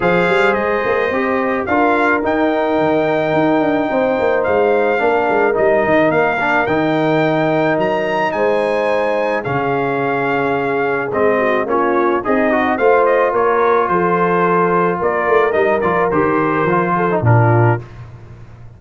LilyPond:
<<
  \new Staff \with { instrumentName = "trumpet" } { \time 4/4 \tempo 4 = 108 f''4 dis''2 f''4 | g''1 | f''2 dis''4 f''4 | g''2 ais''4 gis''4~ |
gis''4 f''2. | dis''4 cis''4 dis''4 f''8 dis''8 | cis''4 c''2 d''4 | dis''8 d''8 c''2 ais'4 | }
  \new Staff \with { instrumentName = "horn" } { \time 4/4 c''2. ais'4~ | ais'2. c''4~ | c''4 ais'2.~ | ais'2. c''4~ |
c''4 gis'2.~ | gis'8 fis'8 f'4 dis'4 c''4 | ais'4 a'2 ais'4~ | ais'2~ ais'8 a'8 f'4 | }
  \new Staff \with { instrumentName = "trombone" } { \time 4/4 gis'2 g'4 f'4 | dis'1~ | dis'4 d'4 dis'4. d'8 | dis'1~ |
dis'4 cis'2. | c'4 cis'4 gis'8 fis'8 f'4~ | f'1 | dis'8 f'8 g'4 f'8. dis'16 d'4 | }
  \new Staff \with { instrumentName = "tuba" } { \time 4/4 f8 g8 gis8 ais8 c'4 d'4 | dis'4 dis4 dis'8 d'8 c'8 ais8 | gis4 ais8 gis8 g8 dis8 ais4 | dis2 fis4 gis4~ |
gis4 cis2. | gis4 ais4 c'4 a4 | ais4 f2 ais8 a8 | g8 f8 dis4 f4 ais,4 | }
>>